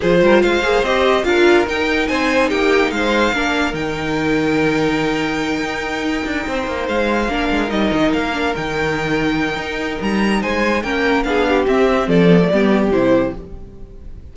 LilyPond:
<<
  \new Staff \with { instrumentName = "violin" } { \time 4/4 \tempo 4 = 144 c''4 f''4 dis''4 f''4 | g''4 gis''4 g''4 f''4~ | f''4 g''2.~ | g''1~ |
g''8 f''2 dis''4 f''8~ | f''8 g''2.~ g''8 | ais''4 gis''4 g''4 f''4 | e''4 d''2 c''4 | }
  \new Staff \with { instrumentName = "violin" } { \time 4/4 gis'8 ais'8 c''2 ais'4~ | ais'4 c''4 g'4 c''4 | ais'1~ | ais'2.~ ais'8 c''8~ |
c''4. ais'2~ ais'8~ | ais'1~ | ais'4 c''4 ais'4 gis'8 g'8~ | g'4 a'4 g'2 | }
  \new Staff \with { instrumentName = "viola" } { \time 4/4 f'4. gis'8 g'4 f'4 | dis'1 | d'4 dis'2.~ | dis'1~ |
dis'4. d'4 dis'4. | d'8 dis'2.~ dis'8~ | dis'2 cis'4 d'4 | c'4. b16 a16 b4 e'4 | }
  \new Staff \with { instrumentName = "cello" } { \time 4/4 f8 g8 gis8 ais8 c'4 d'4 | dis'4 c'4 ais4 gis4 | ais4 dis2.~ | dis4. dis'4. d'8 c'8 |
ais8 gis4 ais8 gis8 g8 dis8 ais8~ | ais8 dis2~ dis8 dis'4 | g4 gis4 ais4 b4 | c'4 f4 g4 c4 | }
>>